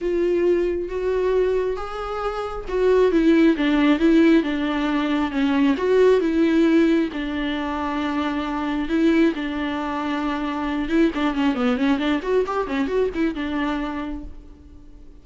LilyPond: \new Staff \with { instrumentName = "viola" } { \time 4/4 \tempo 4 = 135 f'2 fis'2 | gis'2 fis'4 e'4 | d'4 e'4 d'2 | cis'4 fis'4 e'2 |
d'1 | e'4 d'2.~ | d'8 e'8 d'8 cis'8 b8 cis'8 d'8 fis'8 | g'8 cis'8 fis'8 e'8 d'2 | }